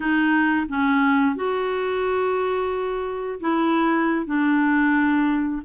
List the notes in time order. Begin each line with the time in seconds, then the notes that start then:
0.00 D#4
0.68 C#4
1.35 F#4
3.40 E4
4.26 D4